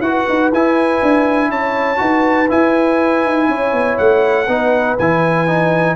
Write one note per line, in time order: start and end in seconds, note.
0.00 0.25 E4
0.00 0.52 F#4
0.00 1.49 B4
0.00 0.50 F#5
0.29 0.51 D#4
0.51 1.01 E4
0.51 1.96 E4
0.51 1.51 G#5
1.02 1.49 D4
1.49 1.99 C#4
1.49 1.99 C#5
1.49 2.50 A5
1.96 2.50 D#4
1.96 2.46 F#4
1.96 3.49 B4
2.49 4.47 E4
2.49 3.25 E4
2.49 3.98 G#5
3.25 3.48 D#4
3.48 3.72 C#4
3.48 4.46 C#5
3.72 3.97 B3
3.98 4.47 A3
3.98 4.97 F#5
4.46 4.97 B3
4.46 4.98 D#4
4.46 5.95 B4
4.98 5.96 E3
4.98 5.47 E4
4.98 5.96 G#5
5.47 5.96 D#4